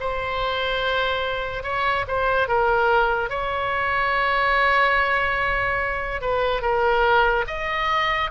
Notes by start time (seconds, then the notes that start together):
0.00 C5
1.63 C#5
2.08 C5
2.48 A#4
3.30 C#5
6.21 B4
6.62 A#4
7.47 D#5